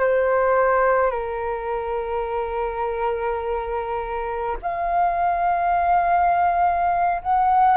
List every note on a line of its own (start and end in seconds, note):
0.00 1.11 C5
1.11 4.57 A#4
4.63 7.22 F5
7.23 7.77 F#5